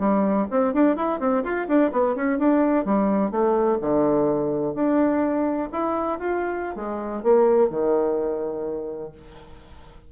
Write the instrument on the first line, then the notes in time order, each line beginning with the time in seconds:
bassoon
0.00 G3
0.51 C4
0.74 D4
0.97 E4
1.20 C4
1.44 F4
1.68 D4
1.92 B3
2.16 C#4
2.39 D4
2.85 G3
3.32 A3
3.81 D3
4.75 D4
5.73 E4
6.19 F4
6.76 G#3
7.23 A#3
7.70 D#3